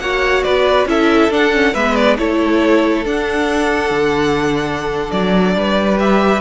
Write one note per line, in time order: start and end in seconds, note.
0.00 0.44 A#3
0.00 0.87 F#4
0.00 0.45 C#5
0.00 0.43 F#5
0.43 0.86 B3
0.43 0.88 B4
0.43 0.86 D5
0.86 1.29 C#4
0.86 1.31 E4
0.86 1.74 A4
0.86 1.33 E5
1.29 1.73 D4
1.29 1.52 D4
1.29 1.74 F#5
1.52 1.74 C#4
1.74 2.18 G#3
1.74 2.18 B3
1.74 2.17 B4
1.74 1.95 E5
1.95 2.17 D5
2.18 3.05 A3
2.18 3.05 E4
2.18 5.57 A4
2.18 3.05 C#5
3.05 5.98 D4
3.05 3.91 D4
3.05 5.11 F#5
3.91 5.10 D3
5.11 5.56 F#3
5.11 5.98 D5
5.56 6.41 G3
5.56 6.41 B4
5.99 6.41 G4
5.99 6.41 E5